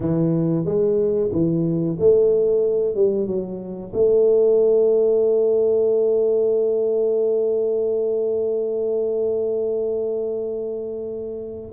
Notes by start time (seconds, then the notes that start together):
0.00 E3
0.65 G#3
1.32 E3
1.99 A3
2.94 G3
3.26 F#3
3.93 A3